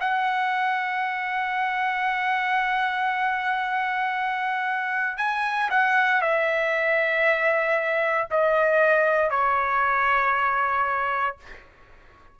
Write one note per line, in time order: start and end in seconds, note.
0.00 5.17 F#5
5.17 5.69 G#5
5.70 6.21 F#5
6.21 8.28 E5
8.30 9.30 D#5
9.30 11.37 C#5